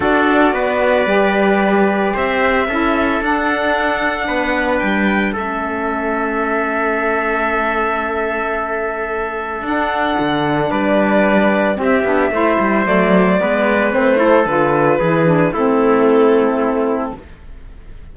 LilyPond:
<<
  \new Staff \with { instrumentName = "violin" } { \time 4/4 \tempo 4 = 112 d''1 | e''2 fis''2~ | fis''4 g''4 e''2~ | e''1~ |
e''2 fis''2 | d''2 e''2 | d''2 c''4 b'4~ | b'4 a'2. | }
  \new Staff \with { instrumentName = "trumpet" } { \time 4/4 a'4 b'2. | c''4 a'2. | b'2 a'2~ | a'1~ |
a'1 | b'2 g'4 c''4~ | c''4 b'4. a'4. | gis'4 e'2. | }
  \new Staff \with { instrumentName = "saxophone" } { \time 4/4 fis'2 g'2~ | g'4 e'4 d'2~ | d'2 cis'2~ | cis'1~ |
cis'2 d'2~ | d'2 c'8 d'8 e'4 | a4 b4 c'8 e'8 f'4 | e'8 d'8 c'2. | }
  \new Staff \with { instrumentName = "cello" } { \time 4/4 d'4 b4 g2 | c'4 cis'4 d'2 | b4 g4 a2~ | a1~ |
a2 d'4 d4 | g2 c'8 b8 a8 g8 | fis4 gis4 a4 d4 | e4 a2. | }
>>